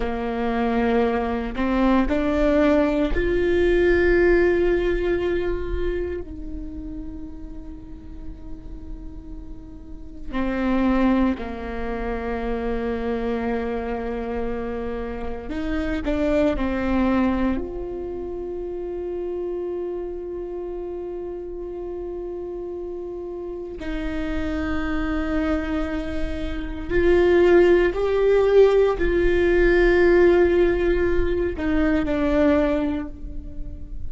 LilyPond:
\new Staff \with { instrumentName = "viola" } { \time 4/4 \tempo 4 = 58 ais4. c'8 d'4 f'4~ | f'2 dis'2~ | dis'2 c'4 ais4~ | ais2. dis'8 d'8 |
c'4 f'2.~ | f'2. dis'4~ | dis'2 f'4 g'4 | f'2~ f'8 dis'8 d'4 | }